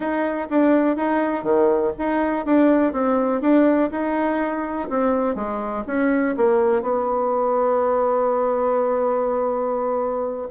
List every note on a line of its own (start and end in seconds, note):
0.00 0.48 D#4
0.50 0.96 D4
0.96 1.43 D#4
1.43 1.92 D#3
1.98 2.45 D#4
2.45 2.92 D4
2.92 3.41 C4
3.41 3.89 D4
3.91 4.88 D#4
4.89 5.35 C4
5.35 5.84 G#3
5.86 6.35 C#4
6.37 6.82 A#3
6.82 10.47 B3